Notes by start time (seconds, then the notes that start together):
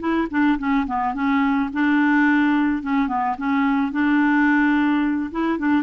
0.00 E4
0.31 D4
0.59 C#4
0.87 B3
1.14 C#4
1.73 D4
2.83 C#4
3.08 B3
3.38 C#4
3.92 D4
5.31 E4
5.59 D4